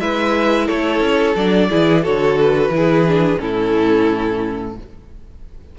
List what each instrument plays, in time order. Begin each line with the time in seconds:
0.00 cello G#3, viola E4, violin B4 E5
0.67 cello A3, violin A4 C#5
1.00 cello C#4
1.36 cello F#3, viola D4, violin D5
1.70 cello E3, viola E4, violin G#4
2.03 cello D3, viola F#4, violin A4 C#5
2.40 violin B4
2.68 cello E3, viola E4
2.76 violin G#4
3.07 viola D4
3.37 cello A2, viola C#4, violin E4 A4